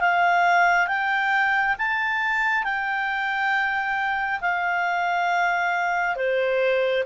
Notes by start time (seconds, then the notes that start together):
0.00 F5
0.87 G5
1.78 A5
2.64 G5
4.40 F5
6.15 C5